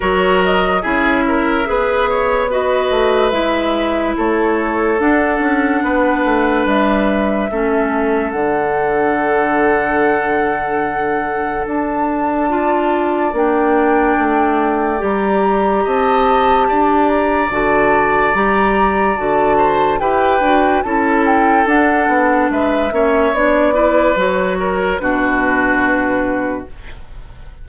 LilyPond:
<<
  \new Staff \with { instrumentName = "flute" } { \time 4/4 \tempo 4 = 72 cis''8 dis''8 e''2 dis''4 | e''4 cis''4 fis''2 | e''2 fis''2~ | fis''2 a''2 |
g''2 ais''4 a''4~ | a''8 ais''8 a''4 ais''4 a''4 | g''4 a''8 g''8 fis''4 e''4 | d''4 cis''4 b'2 | }
  \new Staff \with { instrumentName = "oboe" } { \time 4/4 ais'4 gis'8 ais'8 b'8 cis''8 b'4~ | b'4 a'2 b'4~ | b'4 a'2.~ | a'2. d''4~ |
d''2. dis''4 | d''2.~ d''8 c''8 | b'4 a'2 b'8 cis''8~ | cis''8 b'4 ais'8 fis'2 | }
  \new Staff \with { instrumentName = "clarinet" } { \time 4/4 fis'4 e'4 gis'4 fis'4 | e'2 d'2~ | d'4 cis'4 d'2~ | d'2. f'4 |
d'2 g'2~ | g'4 fis'4 g'4 fis'4 | g'8 fis'8 e'4 d'4. cis'8 | d'8 e'8 fis'4 d'2 | }
  \new Staff \with { instrumentName = "bassoon" } { \time 4/4 fis4 cis'4 b4. a8 | gis4 a4 d'8 cis'8 b8 a8 | g4 a4 d2~ | d2 d'2 |
ais4 a4 g4 c'4 | d'4 d4 g4 d4 | e'8 d'8 cis'4 d'8 b8 gis8 ais8 | b4 fis4 b,2 | }
>>